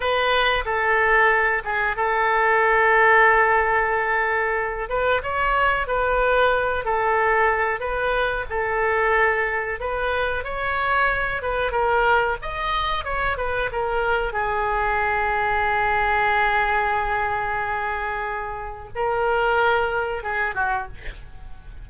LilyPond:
\new Staff \with { instrumentName = "oboe" } { \time 4/4 \tempo 4 = 92 b'4 a'4. gis'8 a'4~ | a'2.~ a'8 b'8 | cis''4 b'4. a'4. | b'4 a'2 b'4 |
cis''4. b'8 ais'4 dis''4 | cis''8 b'8 ais'4 gis'2~ | gis'1~ | gis'4 ais'2 gis'8 fis'8 | }